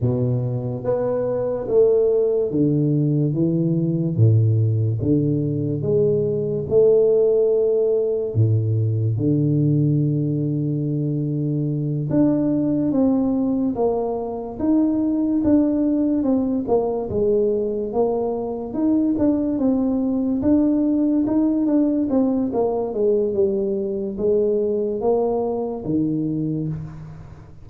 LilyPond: \new Staff \with { instrumentName = "tuba" } { \time 4/4 \tempo 4 = 72 b,4 b4 a4 d4 | e4 a,4 d4 gis4 | a2 a,4 d4~ | d2~ d8 d'4 c'8~ |
c'8 ais4 dis'4 d'4 c'8 | ais8 gis4 ais4 dis'8 d'8 c'8~ | c'8 d'4 dis'8 d'8 c'8 ais8 gis8 | g4 gis4 ais4 dis4 | }